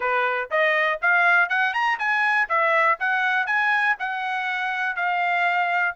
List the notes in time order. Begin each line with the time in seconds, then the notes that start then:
0.00 B4
0.50 D#5
1.01 F5
1.49 F#5
1.73 A#5
1.98 G#5
2.48 E5
2.99 F#5
3.46 G#5
3.99 F#5
4.96 F5